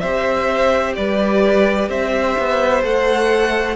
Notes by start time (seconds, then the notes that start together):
0.00 C4 G4 C5 E5
0.96 G3 B4 D5
1.89 C4 C5 E5
2.39 B3
2.84 A3 A4 F#5